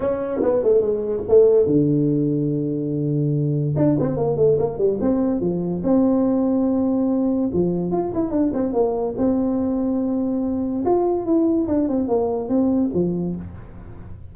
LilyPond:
\new Staff \with { instrumentName = "tuba" } { \time 4/4 \tempo 4 = 144 cis'4 b8 a8 gis4 a4 | d1~ | d4 d'8 c'8 ais8 a8 ais8 g8 | c'4 f4 c'2~ |
c'2 f4 f'8 e'8 | d'8 c'8 ais4 c'2~ | c'2 f'4 e'4 | d'8 c'8 ais4 c'4 f4 | }